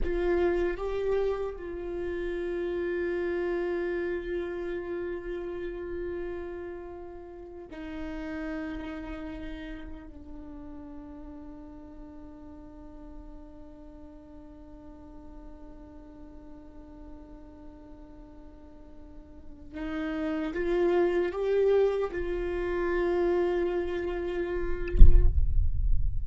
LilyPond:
\new Staff \with { instrumentName = "viola" } { \time 4/4 \tempo 4 = 76 f'4 g'4 f'2~ | f'1~ | f'4.~ f'16 dis'2~ dis'16~ | dis'8. d'2.~ d'16~ |
d'1~ | d'1~ | d'4 dis'4 f'4 g'4 | f'1 | }